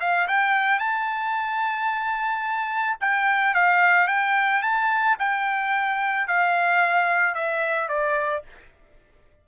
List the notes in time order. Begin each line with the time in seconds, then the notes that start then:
0.00 F5
0.28 G5
0.79 A5
3.00 G5
3.54 F5
4.07 G5
4.62 A5
5.19 G5
6.27 F5
7.34 E5
7.88 D5